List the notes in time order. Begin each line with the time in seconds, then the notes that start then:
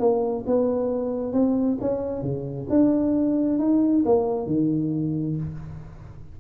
0.00 A#3
0.47 B3
1.33 C4
1.81 C#4
2.22 C#3
2.70 D4
3.59 D#4
4.06 A#3
4.47 D#3